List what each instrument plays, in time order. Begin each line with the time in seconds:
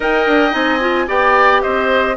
0.00 bassoon D#4, clarinet A#4, oboe D#5, flute G5
0.26 bassoon D4
0.50 bassoon C4, clarinet D#4, flute G#5
0.80 clarinet F4
1.07 bassoon B3, clarinet G4, oboe D5, flute G5
1.61 bassoon C4, oboe C5, flute D#5